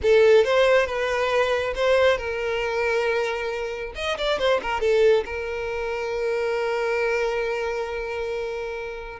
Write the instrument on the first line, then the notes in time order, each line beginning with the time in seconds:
violin
0.02 A4
0.44 C5
0.86 B4
1.75 C5
2.17 A#4
3.95 D#5
4.17 D5
4.38 C5
4.62 A#4
4.80 A4
5.25 A#4